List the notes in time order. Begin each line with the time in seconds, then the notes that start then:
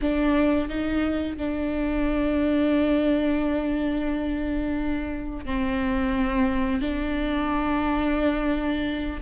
0.01 D4
0.68 D#4
1.37 D4
5.45 C4
6.81 D4